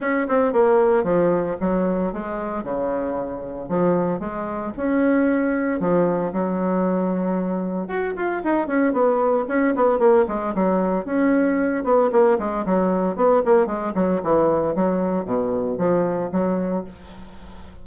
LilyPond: \new Staff \with { instrumentName = "bassoon" } { \time 4/4 \tempo 4 = 114 cis'8 c'8 ais4 f4 fis4 | gis4 cis2 f4 | gis4 cis'2 f4 | fis2. fis'8 f'8 |
dis'8 cis'8 b4 cis'8 b8 ais8 gis8 | fis4 cis'4. b8 ais8 gis8 | fis4 b8 ais8 gis8 fis8 e4 | fis4 b,4 f4 fis4 | }